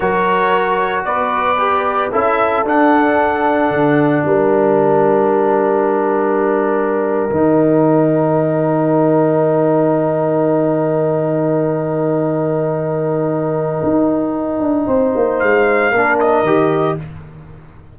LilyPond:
<<
  \new Staff \with { instrumentName = "trumpet" } { \time 4/4 \tempo 4 = 113 cis''2 d''2 | e''4 fis''2. | g''1~ | g''1~ |
g''1~ | g''1~ | g''1~ | g''4 f''4. dis''4. | }
  \new Staff \with { instrumentName = "horn" } { \time 4/4 ais'2 b'2 | a'1 | ais'1~ | ais'1~ |
ais'1~ | ais'1~ | ais'1 | c''2 ais'2 | }
  \new Staff \with { instrumentName = "trombone" } { \time 4/4 fis'2. g'4 | e'4 d'2.~ | d'1~ | d'4.~ d'16 dis'2~ dis'16~ |
dis'1~ | dis'1~ | dis'1~ | dis'2 d'4 g'4 | }
  \new Staff \with { instrumentName = "tuba" } { \time 4/4 fis2 b2 | cis'4 d'2 d4 | g1~ | g4.~ g16 dis2~ dis16~ |
dis1~ | dis1~ | dis2 dis'4. d'8 | c'8 ais8 gis4 ais4 dis4 | }
>>